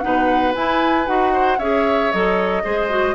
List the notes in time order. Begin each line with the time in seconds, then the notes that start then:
0.00 B2 D#4 B4 F#5
0.54 E4 G#5
1.05 D#4 F#4 F#5
1.32 C5
1.58 C#4 G#4 C#5 E5
2.11 F#3 A4 D#5
2.63 G#3 G#4 C5
2.89 F#4